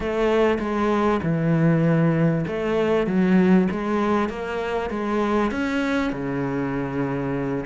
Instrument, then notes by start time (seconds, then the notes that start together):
cello
0.00 A3
0.59 G#3
1.22 E3
2.47 A3
3.06 F#3
3.71 G#3
4.29 A#3
4.90 G#3
5.51 C#4
6.12 C#3